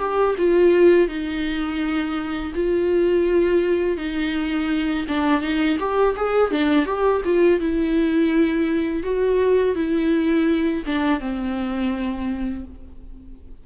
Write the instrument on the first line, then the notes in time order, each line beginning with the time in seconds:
viola
0.00 G4
0.38 F4
1.08 D#4
2.55 F4
3.98 D#4
5.09 D4
5.42 D#4
5.80 G4
6.17 G#4
6.52 D4
6.86 G4
7.25 F4
7.60 E4
9.04 F#4
9.76 E4
10.86 D4
11.20 C4